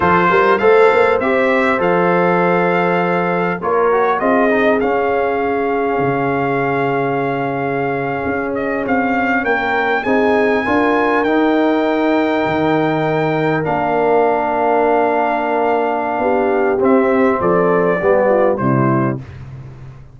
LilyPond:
<<
  \new Staff \with { instrumentName = "trumpet" } { \time 4/4 \tempo 4 = 100 c''4 f''4 e''4 f''4~ | f''2 cis''4 dis''4 | f''1~ | f''2~ f''16 dis''8 f''4 g''16~ |
g''8. gis''2 g''4~ g''16~ | g''2~ g''8. f''4~ f''16~ | f''1 | e''4 d''2 c''4 | }
  \new Staff \with { instrumentName = "horn" } { \time 4/4 a'8 ais'8 c''2.~ | c''2 ais'4 gis'4~ | gis'1~ | gis'2.~ gis'8. ais'16~ |
ais'8. gis'4 ais'2~ ais'16~ | ais'1~ | ais'2. g'4~ | g'4 a'4 g'8 f'8 e'4 | }
  \new Staff \with { instrumentName = "trombone" } { \time 4/4 f'4 a'4 g'4 a'4~ | a'2 f'8 fis'8 f'8 dis'8 | cis'1~ | cis'1~ |
cis'8. dis'4 f'4 dis'4~ dis'16~ | dis'2~ dis'8. d'4~ d'16~ | d'1 | c'2 b4 g4 | }
  \new Staff \with { instrumentName = "tuba" } { \time 4/4 f8 g8 a8 ais8 c'4 f4~ | f2 ais4 c'4 | cis'2 cis2~ | cis4.~ cis16 cis'4 c'4 ais16~ |
ais8. c'4 d'4 dis'4~ dis'16~ | dis'8. dis2 ais4~ ais16~ | ais2. b4 | c'4 f4 g4 c4 | }
>>